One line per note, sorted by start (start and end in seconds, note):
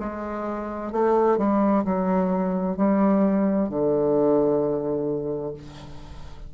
0.00 0.92 G#3
0.92 1.38 A3
1.38 1.84 G3
1.85 2.77 F#3
2.77 3.69 G3
3.69 5.54 D3